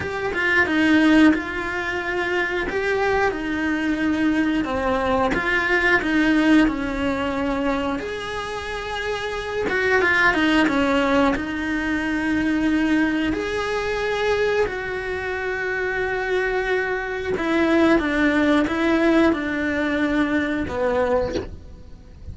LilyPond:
\new Staff \with { instrumentName = "cello" } { \time 4/4 \tempo 4 = 90 g'8 f'8 dis'4 f'2 | g'4 dis'2 c'4 | f'4 dis'4 cis'2 | gis'2~ gis'8 fis'8 f'8 dis'8 |
cis'4 dis'2. | gis'2 fis'2~ | fis'2 e'4 d'4 | e'4 d'2 b4 | }